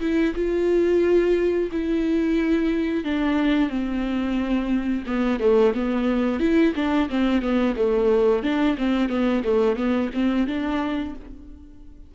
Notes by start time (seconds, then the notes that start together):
0.00 E4
0.35 F4
1.72 E4
3.04 D4
3.69 C4
5.06 B3
5.39 A3
5.74 B3
6.40 E4
6.75 D4
7.09 C4
7.41 B3
7.76 A3
8.43 D4
8.77 C4
9.09 B3
9.44 A3
9.76 B3
10.13 C4
10.47 D4